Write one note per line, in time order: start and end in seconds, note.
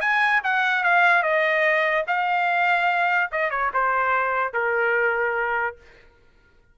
0.00 0.41 G#5
0.43 0.83 F#5
0.83 1.22 F5
1.22 2.05 D#5
2.07 3.30 F5
3.31 3.50 D#5
3.50 3.71 C#5
3.73 4.53 C5
4.53 5.76 A#4